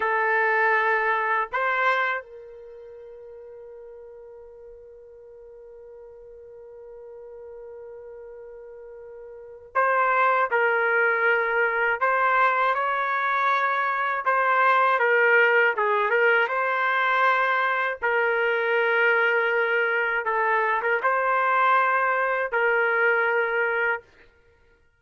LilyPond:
\new Staff \with { instrumentName = "trumpet" } { \time 4/4 \tempo 4 = 80 a'2 c''4 ais'4~ | ais'1~ | ais'1~ | ais'4 c''4 ais'2 |
c''4 cis''2 c''4 | ais'4 gis'8 ais'8 c''2 | ais'2. a'8. ais'16 | c''2 ais'2 | }